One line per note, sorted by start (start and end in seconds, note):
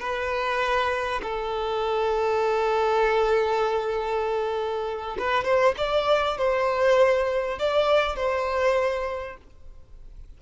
0.00 1.21 B4
1.23 5.17 A4
5.19 5.45 B4
5.45 5.75 C5
5.77 6.38 D5
6.38 7.59 C5
7.59 8.16 D5
8.16 9.37 C5